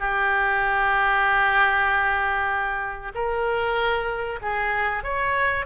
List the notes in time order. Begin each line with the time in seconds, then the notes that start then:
0.00 G4
3.15 A#4
4.42 G#4
5.04 C#5